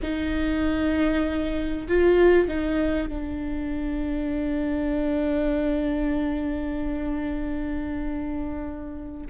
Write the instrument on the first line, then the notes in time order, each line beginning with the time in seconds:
viola
0.02 D#4
1.88 F4
2.47 D#4
3.08 D4